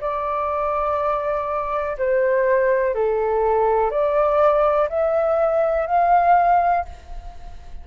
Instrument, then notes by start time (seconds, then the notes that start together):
flute
0.00 D5
1.98 C5
2.94 A4
3.90 D5
4.89 E5
5.86 F5